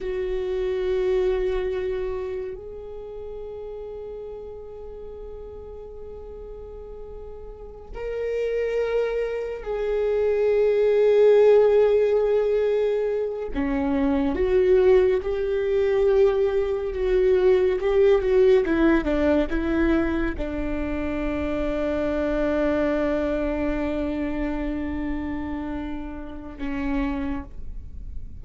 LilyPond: \new Staff \with { instrumentName = "viola" } { \time 4/4 \tempo 4 = 70 fis'2. gis'4~ | gis'1~ | gis'4~ gis'16 ais'2 gis'8.~ | gis'2.~ gis'8. cis'16~ |
cis'8. fis'4 g'2 fis'16~ | fis'8. g'8 fis'8 e'8 d'8 e'4 d'16~ | d'1~ | d'2. cis'4 | }